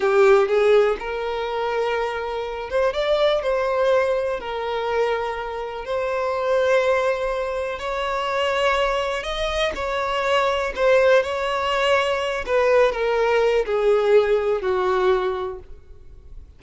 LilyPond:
\new Staff \with { instrumentName = "violin" } { \time 4/4 \tempo 4 = 123 g'4 gis'4 ais'2~ | ais'4. c''8 d''4 c''4~ | c''4 ais'2. | c''1 |
cis''2. dis''4 | cis''2 c''4 cis''4~ | cis''4. b'4 ais'4. | gis'2 fis'2 | }